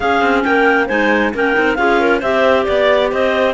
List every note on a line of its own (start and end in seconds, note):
0.00 0.21 C#4
0.00 0.88 C#4
0.00 0.44 G#4
0.00 0.43 F5
0.21 0.43 C4
0.43 0.89 A#3
0.43 0.87 A#4
0.43 0.87 G5
0.87 1.33 G#3
0.87 1.33 D#4
0.87 1.31 C5
0.87 1.32 G#5
1.33 1.56 A#3
1.33 1.53 C#4
1.33 1.78 A#4
1.33 1.75 G5
1.53 1.78 C4
1.53 1.76 D#4
1.75 2.22 C#4
1.75 2.21 F4
1.75 2.00 G#4
1.75 2.19 F5
2.00 2.19 A#4
2.19 2.66 C4
2.19 3.54 G4
2.19 2.63 C5
2.19 2.66 E5
2.64 3.12 B3
2.64 3.08 D5
2.64 3.12 D5
3.11 3.54 C4
3.11 3.54 C5
3.11 3.54 D#5